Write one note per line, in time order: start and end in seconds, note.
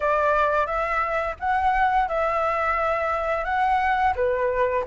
0.00 0.66 D5
0.66 1.35 E5
1.39 2.08 F#5
2.08 3.44 E5
3.44 4.13 F#5
4.15 4.84 B4